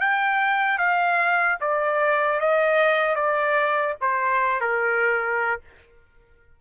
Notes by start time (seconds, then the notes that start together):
0.00 G5
0.78 F5
1.60 D5
2.40 D#5
3.15 D5
4.01 C5
4.61 A#4